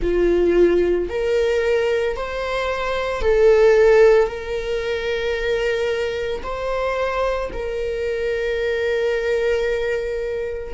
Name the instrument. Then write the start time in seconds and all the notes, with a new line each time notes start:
viola
0.01 F4
1.09 A#4
2.16 C5
3.21 A4
4.27 A#4
6.43 C5
7.52 A#4